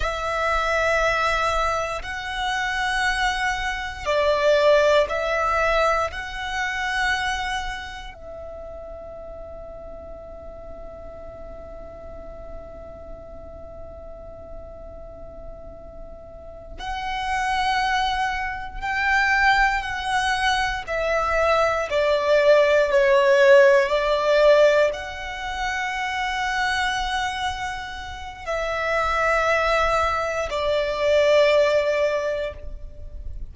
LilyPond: \new Staff \with { instrumentName = "violin" } { \time 4/4 \tempo 4 = 59 e''2 fis''2 | d''4 e''4 fis''2 | e''1~ | e''1~ |
e''8 fis''2 g''4 fis''8~ | fis''8 e''4 d''4 cis''4 d''8~ | d''8 fis''2.~ fis''8 | e''2 d''2 | }